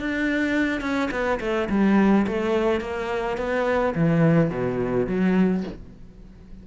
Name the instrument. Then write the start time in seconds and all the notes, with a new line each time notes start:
cello
0.00 D4
0.81 C#4
1.11 B3
1.40 A3
1.70 G3
2.27 A3
2.81 A#3
3.38 B3
3.95 E3
4.50 B2
5.07 F#3